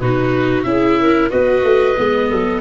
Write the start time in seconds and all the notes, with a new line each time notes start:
0.00 B2 D#4 F#4 B4
0.63 C#4 E4 G#4 E5
0.99 A#4
1.30 B3 F#4 B4 D#5
1.63 A3
1.96 G#3 B3
2.28 F#3 A4